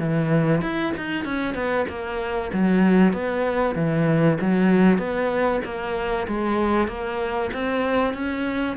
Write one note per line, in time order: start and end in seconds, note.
0.00 0.62 E3
0.62 0.93 E4
0.97 1.25 D#4
1.25 1.55 C#4
1.55 1.86 B3
1.89 2.51 A#3
2.53 3.14 F#3
3.14 3.76 B3
3.76 4.38 E3
4.41 4.99 F#3
4.99 5.61 B3
5.65 6.28 A#3
6.28 6.88 G#3
6.88 7.51 A#3
7.54 8.14 C4
8.14 8.77 C#4